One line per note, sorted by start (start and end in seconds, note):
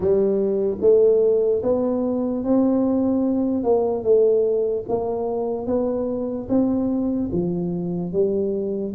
0.00 0.77 G3
0.80 1.61 A3
1.62 2.43 B3
2.44 3.63 C4
3.63 4.03 A#3
4.03 4.84 A3
4.88 5.66 A#3
5.66 6.47 B3
6.49 7.30 C4
7.32 8.12 F3
8.12 8.93 G3